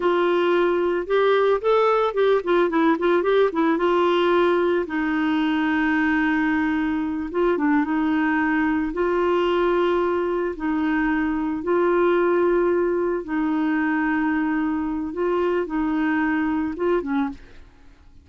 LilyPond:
\new Staff \with { instrumentName = "clarinet" } { \time 4/4 \tempo 4 = 111 f'2 g'4 a'4 | g'8 f'8 e'8 f'8 g'8 e'8 f'4~ | f'4 dis'2.~ | dis'4. f'8 d'8 dis'4.~ |
dis'8 f'2. dis'8~ | dis'4. f'2~ f'8~ | f'8 dis'2.~ dis'8 | f'4 dis'2 f'8 cis'8 | }